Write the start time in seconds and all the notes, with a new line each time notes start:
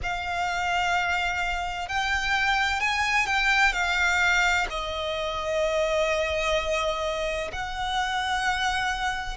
0.03 F5
1.88 G5
2.80 G#5
3.26 G5
3.72 F5
4.70 D#5
7.52 F#5